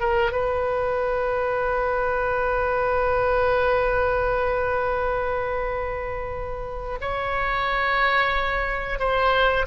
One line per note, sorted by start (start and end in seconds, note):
0.00 0.32 A#4
0.32 6.98 B4
7.01 8.99 C#5
8.99 9.66 C5